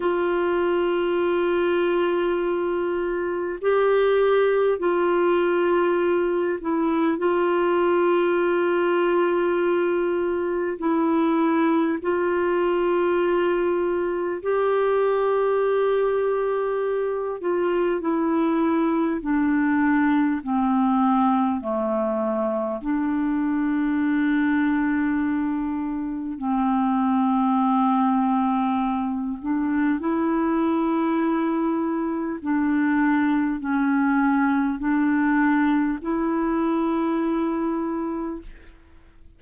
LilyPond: \new Staff \with { instrumentName = "clarinet" } { \time 4/4 \tempo 4 = 50 f'2. g'4 | f'4. e'8 f'2~ | f'4 e'4 f'2 | g'2~ g'8 f'8 e'4 |
d'4 c'4 a4 d'4~ | d'2 c'2~ | c'8 d'8 e'2 d'4 | cis'4 d'4 e'2 | }